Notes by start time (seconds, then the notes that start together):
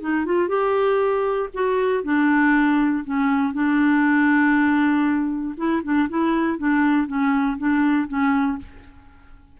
0.00 D#4
0.25 F4
0.48 G4
1.54 F#4
2.03 D4
3.04 C#4
3.53 D4
5.57 E4
5.83 D4
6.09 E4
6.58 D4
7.07 C#4
7.57 D4
8.07 C#4